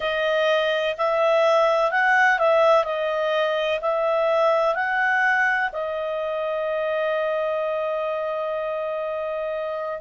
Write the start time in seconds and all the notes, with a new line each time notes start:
0.00 D#5
0.97 E5
1.90 F#5
2.39 E5
2.84 D#5
3.81 E5
4.74 F#5
5.72 D#5